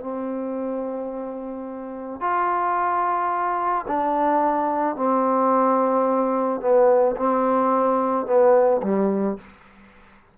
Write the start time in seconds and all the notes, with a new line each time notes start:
0.00 C4
2.20 F4
3.87 D4
4.96 C4
6.60 B3
7.16 C4
8.26 B3
8.82 G3